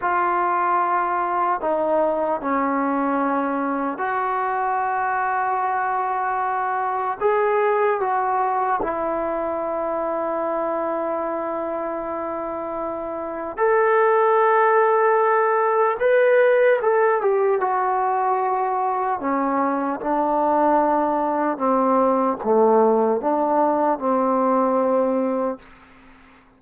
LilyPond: \new Staff \with { instrumentName = "trombone" } { \time 4/4 \tempo 4 = 75 f'2 dis'4 cis'4~ | cis'4 fis'2.~ | fis'4 gis'4 fis'4 e'4~ | e'1~ |
e'4 a'2. | b'4 a'8 g'8 fis'2 | cis'4 d'2 c'4 | a4 d'4 c'2 | }